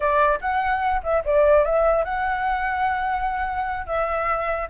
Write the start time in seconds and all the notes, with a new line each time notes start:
0.00 D5
0.40 F#5
1.03 E5
1.24 D5
1.64 E5
2.04 F#5
3.86 E5